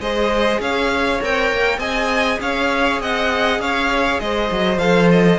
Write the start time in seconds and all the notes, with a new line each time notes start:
0.00 G#3 G#4 C5 D#5
0.60 C#4 C#5 F5
1.22 C4 A#4 G5
1.52 A#3
1.79 C4 G#4 D#5 G#5
2.41 C#4 C#5 F5
3.00 C4 D#5 F#5
3.60 C#4 C#5 F5
4.20 G#3 C5 D#5
4.52 F#3
4.79 F3 A4 F5
5.12 D#5